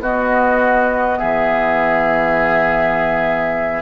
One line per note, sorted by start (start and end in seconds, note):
0.00 1.18 B3
0.00 3.82 B3
0.00 1.19 F#4
0.00 1.19 D#5
1.19 3.82 E3
1.19 3.82 G#4
1.19 3.82 E5